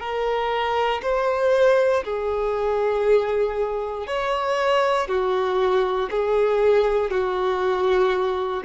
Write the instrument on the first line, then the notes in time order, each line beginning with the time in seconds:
violin
0.00 A#4
1.02 C5
2.04 G#4
4.07 C#5
5.08 F#4
6.11 G#4
7.10 F#4